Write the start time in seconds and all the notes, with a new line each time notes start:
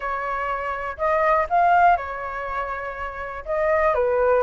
0.00 C#5
0.97 D#5
1.49 F5
1.96 C#5
3.45 D#5
3.94 B4